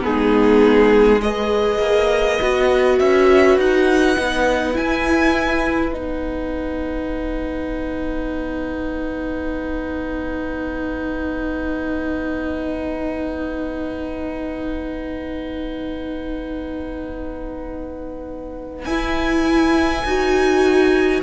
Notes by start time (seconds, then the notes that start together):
0.00 G#3 B3 D#4 G#4
1.22 G#4 B4 D#5
1.79 A#3
2.41 B3 F#4
3.00 C#4 E5
3.58 D#4 F#5
4.16 B3 D#4
4.73 E4 G#5
5.92 B3 D#4 F#5
18.85 E4 G#5
20.04 D#4 F#4